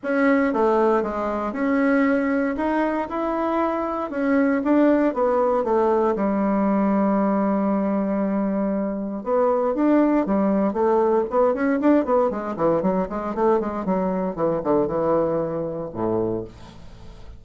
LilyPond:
\new Staff \with { instrumentName = "bassoon" } { \time 4/4 \tempo 4 = 117 cis'4 a4 gis4 cis'4~ | cis'4 dis'4 e'2 | cis'4 d'4 b4 a4 | g1~ |
g2 b4 d'4 | g4 a4 b8 cis'8 d'8 b8 | gis8 e8 fis8 gis8 a8 gis8 fis4 | e8 d8 e2 a,4 | }